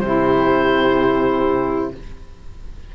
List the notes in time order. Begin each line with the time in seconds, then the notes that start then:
0.00 C3 E4 G4 C5